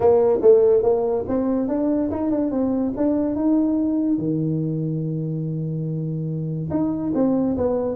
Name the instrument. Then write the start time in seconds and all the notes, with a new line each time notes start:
tuba
0.00 A#3
0.41 A3
0.83 A#3
1.28 C4
1.68 D4
2.10 D#4
2.30 D4
2.51 C4
2.96 D4
3.35 D#4
4.17 D#3
6.70 D#4
7.14 C4
7.57 B3